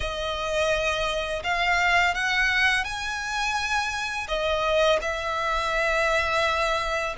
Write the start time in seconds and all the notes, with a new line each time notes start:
0.00 D#5
1.43 F5
2.14 F#5
2.84 G#5
4.28 D#5
5.01 E5